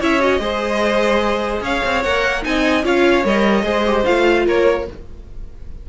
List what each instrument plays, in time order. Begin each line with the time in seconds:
0.00 cello C#4, viola E4, violin C#5 E5
0.21 viola F#4, violin D#5
0.40 cello G#3, viola G#4, violin C5
1.62 cello C#4, violin C#5 F5
1.85 cello C4
2.04 cello A#3, viola A#4, violin F#5
2.43 cello C4, viola D#4, violin D#5 G#5
2.84 cello C#4, viola F4, violin C#5 F5
3.25 cello G3, viola A#4, violin D#5
3.64 cello G#3, viola G#4, violin C5
3.87 viola G4
4.06 cello A3, viola F4, violin F5
4.45 cello A#3, violin A#4 C#5